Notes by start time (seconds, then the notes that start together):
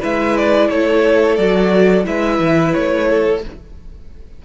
0.00 G#3 E4 B4 E5
0.37 D5
0.69 A3 A4 C#5
1.36 F#3 F#4 D5
2.04 G#3 E4 B4 E5
2.39 E3
2.73 A3 C#5
3.08 A4